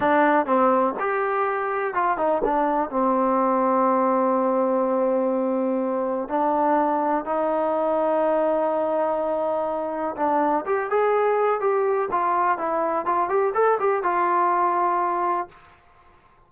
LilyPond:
\new Staff \with { instrumentName = "trombone" } { \time 4/4 \tempo 4 = 124 d'4 c'4 g'2 | f'8 dis'8 d'4 c'2~ | c'1~ | c'4 d'2 dis'4~ |
dis'1~ | dis'4 d'4 g'8 gis'4. | g'4 f'4 e'4 f'8 g'8 | a'8 g'8 f'2. | }